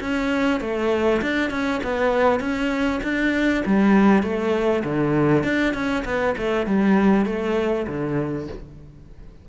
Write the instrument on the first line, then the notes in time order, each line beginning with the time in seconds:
cello
0.00 C#4
0.60 A3
1.21 D4
1.50 C#4
1.83 B3
2.39 C#4
3.03 D4
3.65 G3
4.22 A3
4.84 D3
5.43 D4
5.73 C#4
6.05 B3
6.37 A3
6.66 G3
7.25 A3
7.87 D3